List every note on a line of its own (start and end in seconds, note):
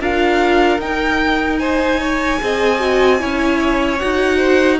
0.00 0.78 D4
0.00 0.80 F4
0.00 1.60 A#4
0.00 0.81 F5
0.78 2.38 D#4
0.78 2.40 D#4
0.78 1.59 G5
1.59 2.00 C5
1.59 3.98 G#5
2.00 2.40 C#5
2.40 3.22 C4
2.40 2.79 G#4
2.40 3.21 D#5
2.79 3.19 F#4
3.19 4.02 C#4
3.19 3.99 E4
3.19 4.37 C#5
3.98 4.79 D#4
3.98 4.79 F#4
3.98 4.78 F#5
4.37 4.77 C5